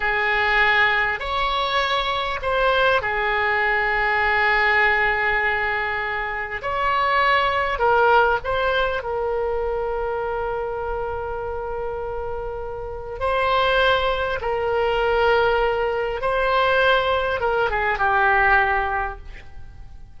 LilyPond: \new Staff \with { instrumentName = "oboe" } { \time 4/4 \tempo 4 = 100 gis'2 cis''2 | c''4 gis'2.~ | gis'2. cis''4~ | cis''4 ais'4 c''4 ais'4~ |
ais'1~ | ais'2 c''2 | ais'2. c''4~ | c''4 ais'8 gis'8 g'2 | }